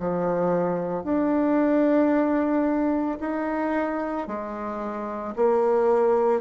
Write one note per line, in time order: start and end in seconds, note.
0.00 1.04 F3
1.04 3.19 D4
3.20 4.28 D#4
4.28 5.35 G#3
5.36 6.41 A#3